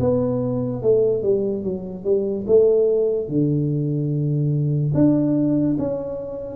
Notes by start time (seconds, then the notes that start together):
0.00 B3
0.82 A3
1.23 G3
1.63 F#3
2.04 G3
2.47 A3
3.28 D3
4.95 D4
5.79 C#4